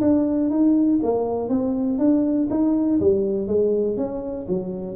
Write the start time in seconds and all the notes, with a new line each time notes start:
0.00 D4
0.50 D#4
1.03 A#3
1.49 C4
1.98 D4
2.50 D#4
3.00 G3
3.47 G#3
3.96 C#4
4.48 F#3